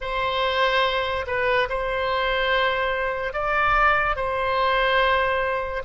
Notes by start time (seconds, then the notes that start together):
0.00 C5
1.27 B4
1.69 C5
3.33 D5
4.16 C5